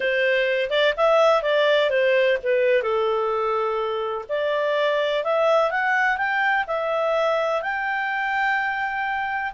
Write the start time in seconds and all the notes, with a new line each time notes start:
0.00 C5
0.69 D5
0.97 E5
1.42 D5
1.90 C5
2.43 B4
2.82 A4
4.29 D5
5.23 E5
5.71 F#5
6.17 G5
6.67 E5
7.61 G5